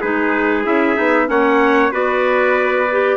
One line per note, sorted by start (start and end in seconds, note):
0.00 0.65 G#3
0.00 0.64 D#4
0.00 1.26 G#4
0.00 0.64 B4
0.64 0.97 C#4
0.64 0.95 E4
0.64 1.29 E5
0.95 1.28 B3
0.95 1.27 D#4
1.27 1.91 A#3
1.27 1.90 C#4
1.27 1.92 C#5
1.27 1.93 F#5
1.91 3.17 B3
1.91 2.85 F#4
1.91 3.17 B4
1.91 3.17 D5
2.91 3.17 G4